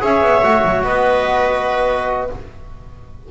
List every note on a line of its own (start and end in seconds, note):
0.00 0.21 C#4
0.00 0.42 G#4
0.00 0.84 C#5
0.00 0.84 E5
0.21 0.41 B3
0.43 0.64 A3
0.43 2.31 F#4
0.64 0.84 F#3
0.84 2.30 B3
0.84 2.30 B4
0.84 2.30 D#5